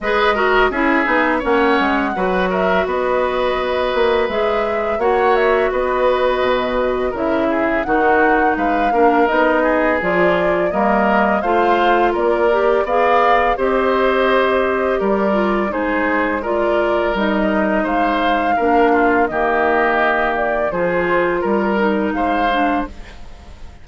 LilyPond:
<<
  \new Staff \with { instrumentName = "flute" } { \time 4/4 \tempo 4 = 84 dis''4 e''4 fis''4. e''8 | dis''2 e''4 fis''8 e''8 | dis''2 e''4 fis''4 | f''4 dis''4 d''4 dis''4 |
f''4 d''4 f''4 dis''4~ | dis''4 d''4 c''4 d''4 | dis''4 f''2 dis''4~ | dis''8 d''8 c''4 ais'4 f''4 | }
  \new Staff \with { instrumentName = "oboe" } { \time 4/4 b'8 ais'8 gis'4 cis''4 b'8 ais'8 | b'2. cis''4 | b'2 ais'8 gis'8 fis'4 | b'8 ais'4 gis'4. ais'4 |
c''4 ais'4 d''4 c''4~ | c''4 ais'4 gis'4 ais'4~ | ais'4 c''4 ais'8 f'8 g'4~ | g'4 gis'4 ais'4 c''4 | }
  \new Staff \with { instrumentName = "clarinet" } { \time 4/4 gis'8 fis'8 e'8 dis'8 cis'4 fis'4~ | fis'2 gis'4 fis'4~ | fis'2 e'4 dis'4~ | dis'8 d'8 dis'4 f'4 ais4 |
f'4. g'8 gis'4 g'4~ | g'4. f'8 dis'4 f'4 | dis'2 d'4 ais4~ | ais4 f'4. dis'4 d'8 | }
  \new Staff \with { instrumentName = "bassoon" } { \time 4/4 gis4 cis'8 b8 ais8 gis8 fis4 | b4. ais8 gis4 ais4 | b4 b,4 cis4 dis4 | gis8 ais8 b4 f4 g4 |
a4 ais4 b4 c'4~ | c'4 g4 gis2 | g4 gis4 ais4 dis4~ | dis4 f4 g4 gis4 | }
>>